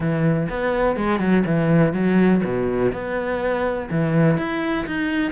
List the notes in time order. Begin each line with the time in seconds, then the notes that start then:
0.00 E3
0.49 B3
0.96 G#3
1.19 F#3
1.45 E3
1.93 F#3
2.43 B2
2.92 B3
3.90 E3
4.37 E4
4.86 D#4